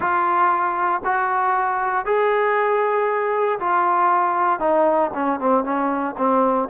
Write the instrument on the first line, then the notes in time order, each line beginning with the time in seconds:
trombone
0.00 F4
1.04 F#4
2.05 G#4
3.59 F4
4.59 D#4
5.14 C#4
5.39 C4
5.64 C#4
6.17 C4